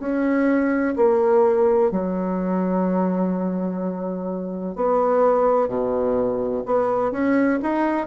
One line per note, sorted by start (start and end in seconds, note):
0.00 0.95 C#4
0.97 1.92 A#3
1.92 4.76 F#3
4.76 5.68 B3
5.68 6.64 B2
6.66 7.12 B3
7.12 7.60 C#4
7.63 8.07 D#4